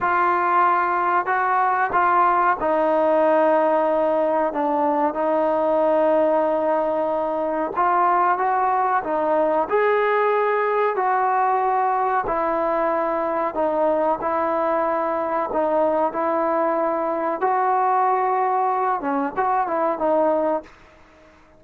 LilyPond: \new Staff \with { instrumentName = "trombone" } { \time 4/4 \tempo 4 = 93 f'2 fis'4 f'4 | dis'2. d'4 | dis'1 | f'4 fis'4 dis'4 gis'4~ |
gis'4 fis'2 e'4~ | e'4 dis'4 e'2 | dis'4 e'2 fis'4~ | fis'4. cis'8 fis'8 e'8 dis'4 | }